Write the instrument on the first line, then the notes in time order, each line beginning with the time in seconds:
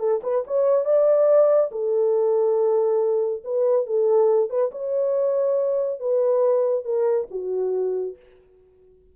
horn
0.00 A4
0.24 B4
0.48 C#5
0.86 D5
1.72 A4
3.44 B4
3.87 A4
4.50 B4
4.72 C#5
6.00 B4
6.85 A#4
7.31 F#4